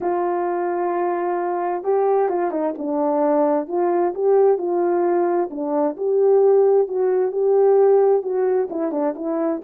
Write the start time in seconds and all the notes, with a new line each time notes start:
0.01 F4
1.83 G4
2.29 F4
2.50 D#4
2.78 D4
3.67 F4
4.14 G4
4.57 F4
5.50 D4
5.96 G4
6.88 F#4
7.31 G4
8.22 F#4
8.70 E4
8.91 D4
9.15 E4